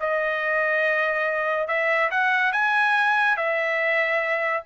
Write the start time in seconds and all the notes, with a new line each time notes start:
0.00 D#5
1.68 E5
2.11 F#5
2.52 G#5
3.37 E5